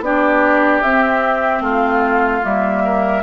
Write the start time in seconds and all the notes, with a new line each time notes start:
0.00 B3 D4 G4 D5
0.82 C4 E5
1.60 A3 F4
1.67 F5
2.42 G3 A#3 E5
2.85 A#4